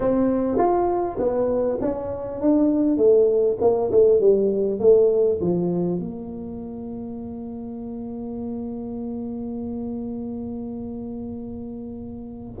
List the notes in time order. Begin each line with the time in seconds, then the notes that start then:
0.00 C4
0.57 F4
1.18 B3
1.81 C#4
2.41 D4
2.97 A3
3.61 A#3
3.91 A3
4.20 G3
4.79 A3
5.41 F3
5.99 A#3